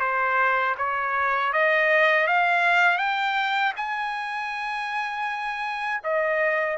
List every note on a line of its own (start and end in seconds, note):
0.00 0.75 C5
0.78 1.53 C#5
1.53 2.27 D#5
2.27 2.98 F5
2.98 3.73 G5
3.76 6.01 G#5
6.04 6.78 D#5